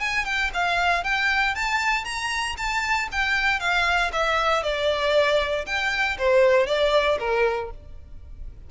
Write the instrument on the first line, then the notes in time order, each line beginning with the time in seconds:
violin
0.00 G#5
0.25 G5
0.54 F5
1.04 G5
1.55 A5
2.05 A#5
2.57 A5
3.12 G5
3.60 F5
4.12 E5
4.63 D5
5.66 G5
6.18 C5
6.67 D5
7.19 A#4